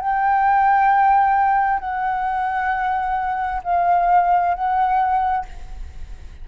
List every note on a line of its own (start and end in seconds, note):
0.00 1.80 G5
1.80 3.62 F#5
3.64 4.55 F5
4.55 5.45 F#5